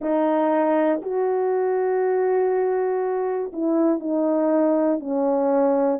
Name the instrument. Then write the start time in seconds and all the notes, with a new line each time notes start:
horn
0.00 D#4
1.02 F#4
3.52 E4
3.99 D#4
4.99 C#4